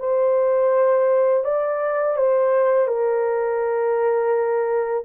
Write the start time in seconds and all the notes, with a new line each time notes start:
0.00 C5
1.45 D5
2.17 C5
2.88 A#4